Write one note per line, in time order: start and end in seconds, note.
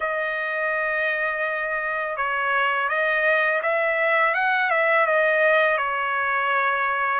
0.00 2.16 D#5
2.17 2.88 C#5
2.88 3.61 D#5
3.62 4.34 E5
4.34 4.70 F#5
4.70 5.06 E5
5.06 5.77 D#5
5.77 7.20 C#5